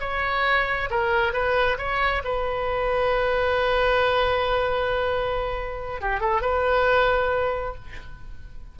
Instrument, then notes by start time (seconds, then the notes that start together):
oboe
0.00 C#5
0.90 A#4
1.33 B4
1.78 C#5
2.24 B4
6.01 G4
6.20 A4
6.41 B4